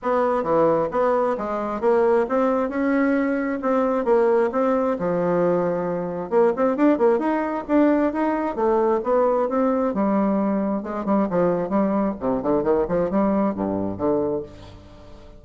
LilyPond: \new Staff \with { instrumentName = "bassoon" } { \time 4/4 \tempo 4 = 133 b4 e4 b4 gis4 | ais4 c'4 cis'2 | c'4 ais4 c'4 f4~ | f2 ais8 c'8 d'8 ais8 |
dis'4 d'4 dis'4 a4 | b4 c'4 g2 | gis8 g8 f4 g4 c8 d8 | dis8 f8 g4 g,4 d4 | }